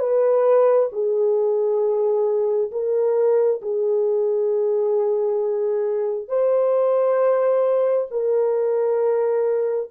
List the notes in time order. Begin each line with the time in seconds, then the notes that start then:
0.00 B4
0.93 G#4
2.72 A#4
3.62 G#4
6.28 C5
8.11 A#4